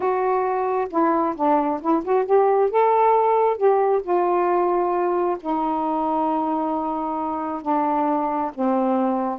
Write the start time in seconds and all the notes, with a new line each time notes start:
0.00 F#4
0.90 E4
1.36 D4
1.81 E4
2.04 F#4
2.25 G4
2.70 A4
3.57 G4
4.02 F4
5.40 D#4
7.62 D4
8.54 C4